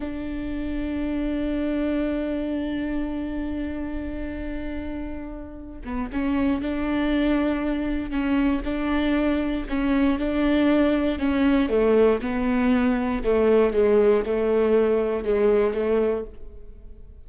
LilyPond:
\new Staff \with { instrumentName = "viola" } { \time 4/4 \tempo 4 = 118 d'1~ | d'1~ | d'2.~ d'8 b8 | cis'4 d'2. |
cis'4 d'2 cis'4 | d'2 cis'4 a4 | b2 a4 gis4 | a2 gis4 a4 | }